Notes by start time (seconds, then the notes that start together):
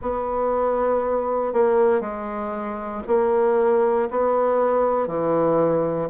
0.01 B3
1.53 A#3
2.00 G#3
3.07 A#3
4.10 B3
5.07 E3